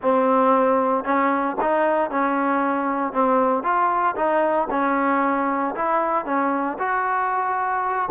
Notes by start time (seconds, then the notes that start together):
0.02 C4
1.04 C#4
1.61 D#4
2.10 C#4
3.12 C4
3.63 F4
4.15 D#4
4.70 C#4
5.75 E4
6.25 C#4
6.78 F#4